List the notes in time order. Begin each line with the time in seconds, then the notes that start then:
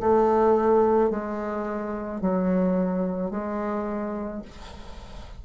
0.00 A3
1.11 G#3
2.21 F#3
3.31 G#3